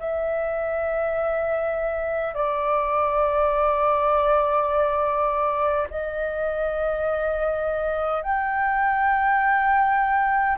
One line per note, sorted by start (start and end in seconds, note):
0.00 2.35 E5
2.35 5.88 D5
5.91 8.23 D#5
8.23 10.58 G5